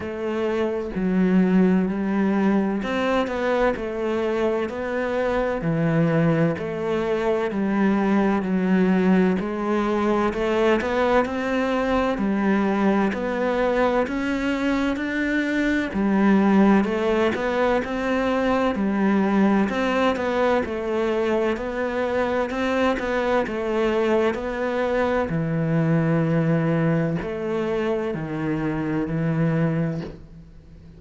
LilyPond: \new Staff \with { instrumentName = "cello" } { \time 4/4 \tempo 4 = 64 a4 fis4 g4 c'8 b8 | a4 b4 e4 a4 | g4 fis4 gis4 a8 b8 | c'4 g4 b4 cis'4 |
d'4 g4 a8 b8 c'4 | g4 c'8 b8 a4 b4 | c'8 b8 a4 b4 e4~ | e4 a4 dis4 e4 | }